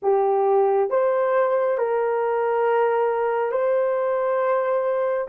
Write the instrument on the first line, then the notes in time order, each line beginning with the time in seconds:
horn
0.02 G4
0.89 C5
1.78 A#4
3.51 C5